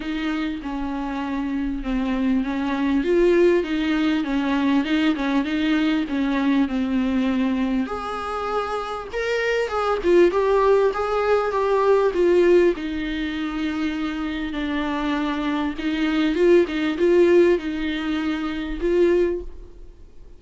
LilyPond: \new Staff \with { instrumentName = "viola" } { \time 4/4 \tempo 4 = 99 dis'4 cis'2 c'4 | cis'4 f'4 dis'4 cis'4 | dis'8 cis'8 dis'4 cis'4 c'4~ | c'4 gis'2 ais'4 |
gis'8 f'8 g'4 gis'4 g'4 | f'4 dis'2. | d'2 dis'4 f'8 dis'8 | f'4 dis'2 f'4 | }